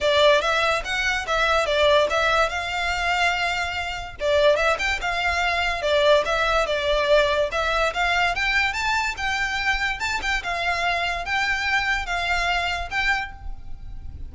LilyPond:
\new Staff \with { instrumentName = "violin" } { \time 4/4 \tempo 4 = 144 d''4 e''4 fis''4 e''4 | d''4 e''4 f''2~ | f''2 d''4 e''8 g''8 | f''2 d''4 e''4 |
d''2 e''4 f''4 | g''4 a''4 g''2 | a''8 g''8 f''2 g''4~ | g''4 f''2 g''4 | }